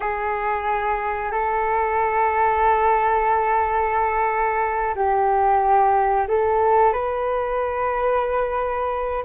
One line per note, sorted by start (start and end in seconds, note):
0.00 1.31 G#4
1.31 4.94 A4
4.95 6.27 G4
6.28 6.92 A4
6.92 9.23 B4